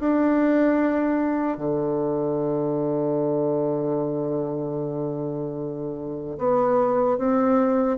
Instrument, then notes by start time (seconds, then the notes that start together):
bassoon
0.00 D4
1.58 D3
6.39 B3
7.19 C4